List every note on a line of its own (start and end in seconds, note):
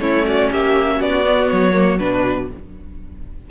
0.00 0.50 A3
0.00 1.24 C#4
0.00 0.26 E4
0.00 0.25 C#5
0.25 0.51 F#4
0.25 0.50 D5
0.51 1.00 A#3
0.51 0.96 G4
0.51 1.02 E5
0.96 1.50 B3
0.96 2.45 F#4
0.96 1.49 D5
1.26 1.73 B3
1.49 2.01 F#3
1.49 1.99 C#5
1.73 1.98 A#3
1.99 2.50 B2
1.99 2.48 D4
1.99 2.49 B4